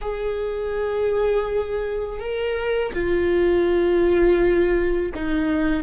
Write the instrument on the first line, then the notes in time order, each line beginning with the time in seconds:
viola
0.01 G#4
2.20 A#4
2.93 F4
5.14 D#4